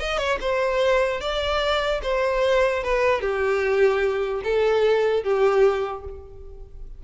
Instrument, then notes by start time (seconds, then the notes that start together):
violin
0.00 D#5
0.18 C#5
0.41 C5
1.21 D5
2.03 C5
2.84 B4
3.22 G4
4.44 A4
5.24 G4